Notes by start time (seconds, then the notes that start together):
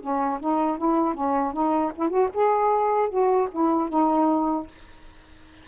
0.00 C#4
0.39 D#4
0.77 E4
1.14 C#4
1.53 D#4
1.95 E4
2.09 F#4
2.33 G#4
3.09 F#4
3.51 E4
3.89 D#4